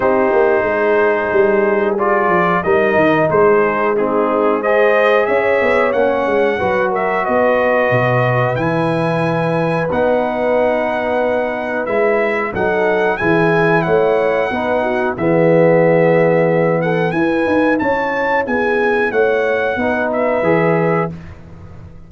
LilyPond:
<<
  \new Staff \with { instrumentName = "trumpet" } { \time 4/4 \tempo 4 = 91 c''2. d''4 | dis''4 c''4 gis'4 dis''4 | e''4 fis''4. e''8 dis''4~ | dis''4 gis''2 fis''4~ |
fis''2 e''4 fis''4 | gis''4 fis''2 e''4~ | e''4. fis''8 gis''4 a''4 | gis''4 fis''4. e''4. | }
  \new Staff \with { instrumentName = "horn" } { \time 4/4 g'4 gis'2. | ais'4 gis'4 dis'4 c''4 | cis''2 b'8 ais'8 b'4~ | b'1~ |
b'2. a'4 | gis'4 cis''4 b'8 fis'8 gis'4~ | gis'4. a'8 b'4 cis''4 | gis'4 cis''4 b'2 | }
  \new Staff \with { instrumentName = "trombone" } { \time 4/4 dis'2. f'4 | dis'2 c'4 gis'4~ | gis'4 cis'4 fis'2~ | fis'4 e'2 dis'4~ |
dis'2 e'4 dis'4 | e'2 dis'4 b4~ | b2 e'2~ | e'2 dis'4 gis'4 | }
  \new Staff \with { instrumentName = "tuba" } { \time 4/4 c'8 ais8 gis4 g4. f8 | g8 dis8 gis2. | cis'8 b8 ais8 gis8 fis4 b4 | b,4 e2 b4~ |
b2 gis4 fis4 | e4 a4 b4 e4~ | e2 e'8 dis'8 cis'4 | b4 a4 b4 e4 | }
>>